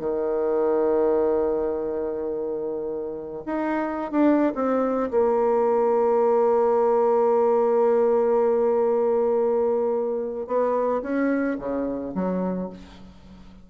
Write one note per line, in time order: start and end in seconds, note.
0.00 3.44 D#3
3.46 4.12 D#4
4.12 4.53 D4
4.55 5.10 C4
5.11 10.47 A#3
10.47 11.02 B3
11.02 11.57 C#4
11.59 12.15 C#3
12.15 12.70 F#3